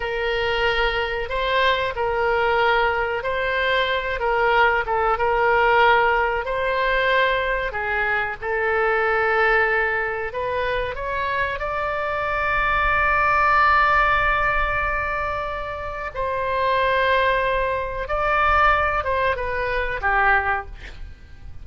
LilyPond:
\new Staff \with { instrumentName = "oboe" } { \time 4/4 \tempo 4 = 93 ais'2 c''4 ais'4~ | ais'4 c''4. ais'4 a'8 | ais'2 c''2 | gis'4 a'2. |
b'4 cis''4 d''2~ | d''1~ | d''4 c''2. | d''4. c''8 b'4 g'4 | }